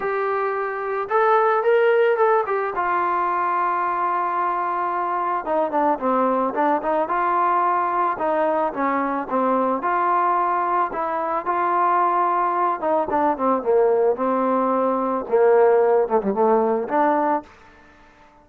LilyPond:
\new Staff \with { instrumentName = "trombone" } { \time 4/4 \tempo 4 = 110 g'2 a'4 ais'4 | a'8 g'8 f'2.~ | f'2 dis'8 d'8 c'4 | d'8 dis'8 f'2 dis'4 |
cis'4 c'4 f'2 | e'4 f'2~ f'8 dis'8 | d'8 c'8 ais4 c'2 | ais4. a16 g16 a4 d'4 | }